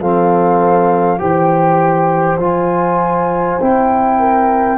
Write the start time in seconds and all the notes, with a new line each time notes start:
0.00 F3 C4 A4 F5
1.19 E3 G4 C5 G5
2.38 F3 F4 G#5
3.62 C4 E4 G5
4.19 A#4